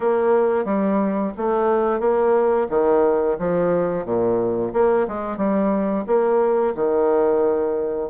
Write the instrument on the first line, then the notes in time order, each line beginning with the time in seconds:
bassoon
0.00 A#3
0.64 G3
1.37 A3
1.99 A#3
2.69 D#3
3.38 F3
4.05 A#2
4.73 A#3
5.07 G#3
5.37 G3
6.06 A#3
6.75 D#3